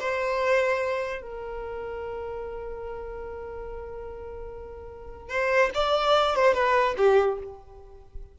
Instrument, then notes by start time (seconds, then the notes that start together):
violin
0.00 C5
1.22 A#4
5.30 C5
5.75 D5
6.36 C5
6.54 B4
6.98 G4